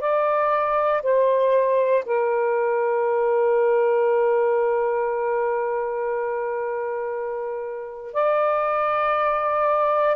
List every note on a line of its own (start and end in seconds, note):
0.00 1.02 D5
1.02 2.04 C5
2.05 8.13 A#4
8.13 10.16 D5